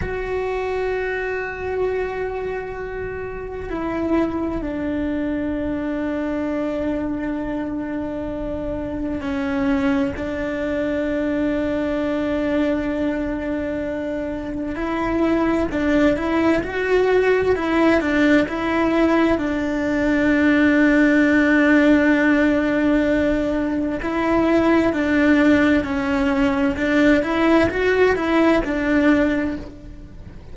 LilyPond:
\new Staff \with { instrumentName = "cello" } { \time 4/4 \tempo 4 = 65 fis'1 | e'4 d'2.~ | d'2 cis'4 d'4~ | d'1 |
e'4 d'8 e'8 fis'4 e'8 d'8 | e'4 d'2.~ | d'2 e'4 d'4 | cis'4 d'8 e'8 fis'8 e'8 d'4 | }